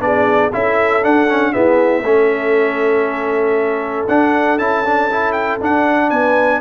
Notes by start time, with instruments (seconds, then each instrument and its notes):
0.00 tuba B3, trombone D4, horn G#4, trumpet D5
0.53 tuba C#4, trombone E4, horn A4, trumpet E5
1.03 trombone D4, tuba D4, trumpet F#5
1.28 trombone C#4
1.53 trombone B3, tuba E4, horn G#4, trumpet E5
2.02 tuba A3, trombone C#4, horn A4
4.08 tuba D4, trombone D4, trumpet F#5
4.58 tuba C#4, trombone E4, trumpet A5
4.85 trombone D4
5.10 trombone E4
5.32 trumpet G5
5.61 tuba D4, trombone D4, trumpet F#5
6.10 tuba B3, horn B4, trumpet G#5